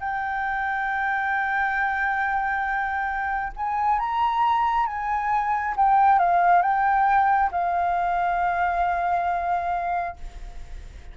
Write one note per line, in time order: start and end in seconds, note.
0.00 3.53 G5
3.57 3.99 G#5
3.99 4.86 A#5
4.86 5.75 G#5
5.76 6.19 G5
6.19 6.62 F5
6.62 7.50 G5
7.52 10.16 F5